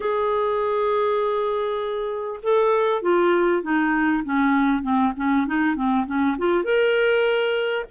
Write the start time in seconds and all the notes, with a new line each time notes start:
0.00 G#4
2.42 A4
3.02 F4
3.62 D#4
4.24 C#4
4.82 C4
5.16 C#4
5.46 D#4
5.75 C4
6.06 C#4
6.38 F4
6.64 A#4